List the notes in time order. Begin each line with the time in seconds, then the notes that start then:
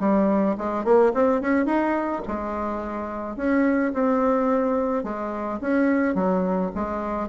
0.00 G3
0.58 G#3
0.84 A#3
1.14 C4
1.41 C#4
1.66 D#4
2.28 G#3
3.36 C#4
3.94 C4
5.04 G#3
5.61 C#4
6.15 F#3
6.75 G#3